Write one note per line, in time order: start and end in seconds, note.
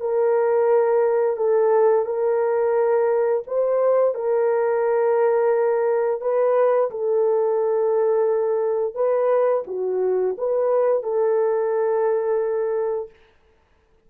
0.00 1.36 A#4
1.36 2.05 A4
2.05 3.43 A#4
3.47 4.14 C5
4.14 6.21 A#4
6.21 6.90 B4
6.90 8.94 A4
8.94 9.63 B4
9.67 10.36 F#4
10.38 11.03 B4
11.03 13.10 A4